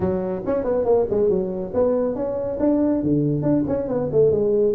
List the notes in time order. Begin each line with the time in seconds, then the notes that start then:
0.00 F#3
0.45 C#4
0.64 B3
0.85 A#3
1.09 G#3
1.29 F#3
1.73 B3
2.15 C#4
2.59 D4
3.02 D3
3.42 D4
3.67 C#4
3.88 B3
4.11 A3
4.31 G#3